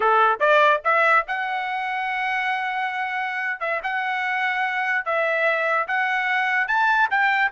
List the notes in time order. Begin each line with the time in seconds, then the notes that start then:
0.00 A4
0.39 D5
0.84 E5
1.27 F#5
3.60 E5
3.83 F#5
5.05 E5
5.87 F#5
6.67 A5
7.10 G5